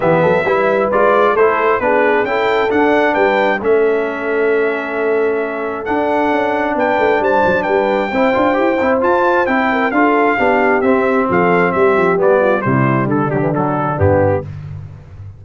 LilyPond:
<<
  \new Staff \with { instrumentName = "trumpet" } { \time 4/4 \tempo 4 = 133 e''2 d''4 c''4 | b'4 g''4 fis''4 g''4 | e''1~ | e''4 fis''2 g''4 |
a''4 g''2. | a''4 g''4 f''2 | e''4 f''4 e''4 d''4 | c''4 a'8 g'8 a'4 g'4 | }
  \new Staff \with { instrumentName = "horn" } { \time 4/4 g'8 a'8 b'2 a'4 | gis'4 a'2 b'4 | a'1~ | a'2. b'4 |
c''4 b'4 c''2~ | c''4. ais'8 a'4 g'4~ | g'4 a'4 g'4. f'8 | e'4 d'2. | }
  \new Staff \with { instrumentName = "trombone" } { \time 4/4 b4 e'4 f'4 e'4 | d'4 e'4 d'2 | cis'1~ | cis'4 d'2.~ |
d'2 e'8 f'8 g'8 e'8 | f'4 e'4 f'4 d'4 | c'2. b4 | g4. fis16 e16 fis4 b4 | }
  \new Staff \with { instrumentName = "tuba" } { \time 4/4 e8 fis8 g4 gis4 a4 | b4 cis'4 d'4 g4 | a1~ | a4 d'4 cis'4 b8 a8 |
g8 fis8 g4 c'8 d'8 e'8 c'8 | f'4 c'4 d'4 b4 | c'4 f4 g8 f8 g4 | c4 d2 g,4 | }
>>